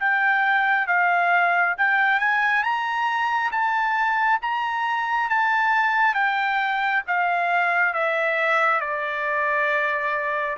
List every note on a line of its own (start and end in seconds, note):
0.00 0.87 G5
0.87 1.76 F5
1.78 2.20 G5
2.20 2.63 G#5
2.63 3.51 A#5
3.52 4.40 A5
4.42 5.30 A#5
5.30 6.14 A5
6.14 7.03 G5
7.07 7.94 F5
7.94 8.81 E5
8.81 10.57 D5